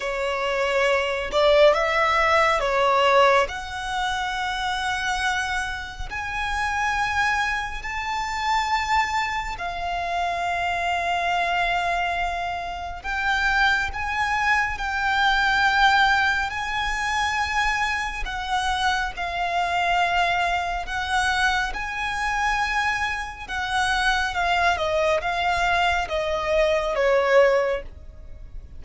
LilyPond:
\new Staff \with { instrumentName = "violin" } { \time 4/4 \tempo 4 = 69 cis''4. d''8 e''4 cis''4 | fis''2. gis''4~ | gis''4 a''2 f''4~ | f''2. g''4 |
gis''4 g''2 gis''4~ | gis''4 fis''4 f''2 | fis''4 gis''2 fis''4 | f''8 dis''8 f''4 dis''4 cis''4 | }